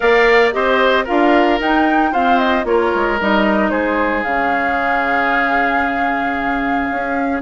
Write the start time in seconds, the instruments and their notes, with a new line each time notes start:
0.00 bassoon A#3, clarinet A#4, oboe D5, flute F5
0.52 bassoon C4, clarinet G4, oboe C5, flute D#5
1.04 bassoon D4, clarinet F4, oboe A#4, flute F5
1.59 bassoon D#4, clarinet D#4, flute G5
2.11 clarinet C4, bassoon F4, oboe C5, flute F5
2.38 flute D#5
2.64 bassoon A#3, clarinet F4, oboe A#4, flute C#5
2.94 bassoon G#3
3.20 bassoon G3, clarinet D#4, flute D#5
3.70 bassoon G#3, oboe G#4, flute C5
4.23 bassoon C#3, clarinet C#4, flute F5
6.90 bassoon C#4